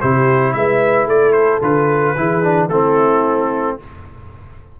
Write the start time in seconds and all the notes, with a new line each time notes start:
0.00 C3 E4 G4 C5
0.53 G#3 B4 E5
1.06 A3 A4 D5
1.32 C5
1.61 D3 F4 B4
2.16 E3 E4 G#4
2.42 D4
2.69 A3 C4 E4 A4